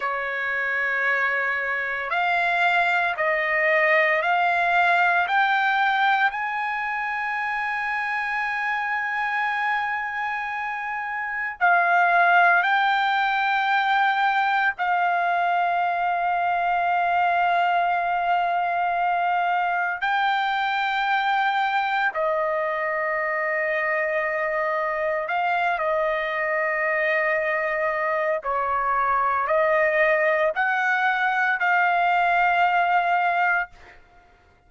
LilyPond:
\new Staff \with { instrumentName = "trumpet" } { \time 4/4 \tempo 4 = 57 cis''2 f''4 dis''4 | f''4 g''4 gis''2~ | gis''2. f''4 | g''2 f''2~ |
f''2. g''4~ | g''4 dis''2. | f''8 dis''2~ dis''8 cis''4 | dis''4 fis''4 f''2 | }